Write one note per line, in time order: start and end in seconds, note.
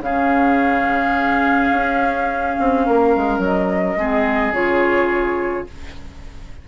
0.00 1.70 C#3
0.00 3.98 C#4
0.00 2.85 G#4
0.00 3.42 F5
1.71 2.56 C#4
2.59 2.87 C4
2.85 3.16 A#3
2.85 3.98 A#4
3.16 3.38 G#3
3.38 3.95 F#3
3.38 4.53 D#5
3.96 4.52 G#3
3.96 4.54 C4
3.96 5.68 G#4
4.52 5.65 C#3
4.52 5.67 F4
4.52 5.67 C#5